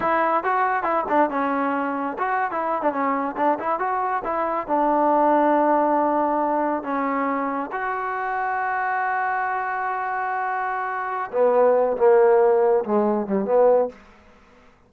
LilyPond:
\new Staff \with { instrumentName = "trombone" } { \time 4/4 \tempo 4 = 138 e'4 fis'4 e'8 d'8 cis'4~ | cis'4 fis'8. e'8. d'16 cis'4 d'16~ | d'16 e'8 fis'4 e'4 d'4~ d'16~ | d'2.~ d'8. cis'16~ |
cis'4.~ cis'16 fis'2~ fis'16~ | fis'1~ | fis'2 b4. ais8~ | ais4. gis4 g8 b4 | }